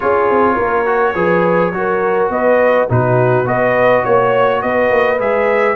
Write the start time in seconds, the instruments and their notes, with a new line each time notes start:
0.00 tuba C#4, trombone F4, horn G#4, trumpet C#5
0.29 tuba C4
0.55 tuba A#3, horn A#4
0.85 trombone F#4
1.14 tuba F3, trombone G#4, horn B4
1.72 tuba F#3, trombone F#4, horn A#4
2.29 tuba B3, horn B4, trumpet D#5
2.89 tuba B2, trombone D#4, horn F#4, trumpet B4
3.45 tuba B3, trombone F#4, horn B4, trumpet D#5
4.02 tuba A#3, horn C#5, trumpet C#5
4.62 tuba B3, horn B4, trumpet D#5
4.90 tuba A#3
5.18 tuba G#3, trombone G#4, trumpet E5